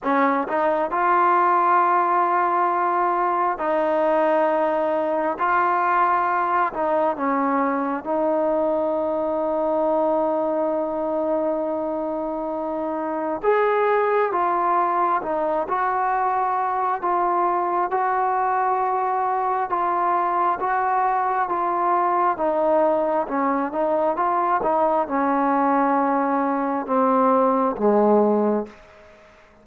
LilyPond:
\new Staff \with { instrumentName = "trombone" } { \time 4/4 \tempo 4 = 67 cis'8 dis'8 f'2. | dis'2 f'4. dis'8 | cis'4 dis'2.~ | dis'2. gis'4 |
f'4 dis'8 fis'4. f'4 | fis'2 f'4 fis'4 | f'4 dis'4 cis'8 dis'8 f'8 dis'8 | cis'2 c'4 gis4 | }